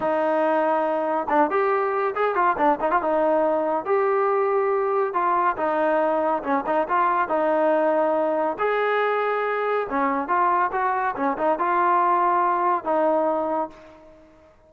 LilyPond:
\new Staff \with { instrumentName = "trombone" } { \time 4/4 \tempo 4 = 140 dis'2. d'8 g'8~ | g'4 gis'8 f'8 d'8 dis'16 f'16 dis'4~ | dis'4 g'2. | f'4 dis'2 cis'8 dis'8 |
f'4 dis'2. | gis'2. cis'4 | f'4 fis'4 cis'8 dis'8 f'4~ | f'2 dis'2 | }